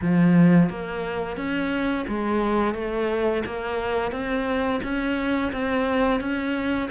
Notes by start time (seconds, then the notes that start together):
0.01 F3
0.69 A#3
1.36 C#4
2.08 G#3
2.74 A3
3.45 A#3
4.11 C4
4.83 C#4
5.52 C4
6.20 C#4